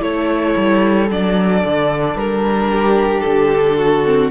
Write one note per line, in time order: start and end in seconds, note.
0.00 0.54 A3
0.00 1.07 E4
0.00 2.71 A4
0.00 1.09 C#5
0.56 1.10 G3
1.10 1.63 F#3
1.10 4.05 D4
1.10 2.17 D5
1.64 2.15 D3
2.15 3.22 G3
2.15 3.21 A#4
2.71 3.78 G4
3.21 4.31 D3
3.21 4.28 A4
3.78 4.31 F#4
4.05 4.31 C4